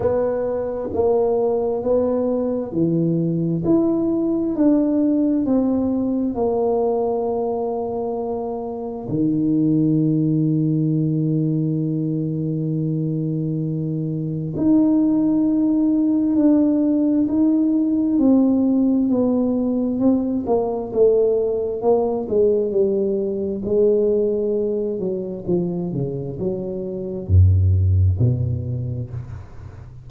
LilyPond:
\new Staff \with { instrumentName = "tuba" } { \time 4/4 \tempo 4 = 66 b4 ais4 b4 e4 | e'4 d'4 c'4 ais4~ | ais2 dis2~ | dis1 |
dis'2 d'4 dis'4 | c'4 b4 c'8 ais8 a4 | ais8 gis8 g4 gis4. fis8 | f8 cis8 fis4 fis,4 b,4 | }